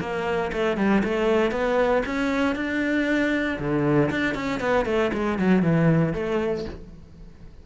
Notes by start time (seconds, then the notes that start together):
0.00 A#3
0.52 A3
0.77 G3
1.03 A3
1.51 B3
2.06 C#4
2.55 D4
3.59 D3
4.10 D4
4.34 C#4
4.60 B3
4.85 A3
5.13 G#3
5.38 F#3
5.62 E3
6.13 A3